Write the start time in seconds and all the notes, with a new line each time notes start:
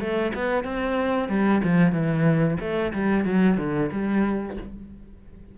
0.00 A3
0.34 B3
0.64 C4
1.29 G3
1.64 F3
1.92 E3
2.60 A3
2.93 G3
3.25 F#3
3.58 D3
3.92 G3